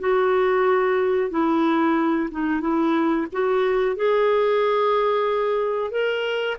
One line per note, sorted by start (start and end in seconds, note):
0.00 1.31 F#4
1.31 2.30 E4
2.32 2.61 D#4
2.61 3.27 E4
3.33 3.97 F#4
3.97 5.92 G#4
5.92 6.58 A#4